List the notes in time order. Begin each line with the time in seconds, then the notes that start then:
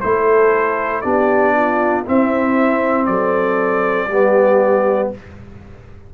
0.00 A3 E4 A4 C5
1.01 B3 D4 G4 D5
1.56 F4
2.05 C4 E4 E5
3.06 F#3 A4 D5
4.07 G3 B3 G4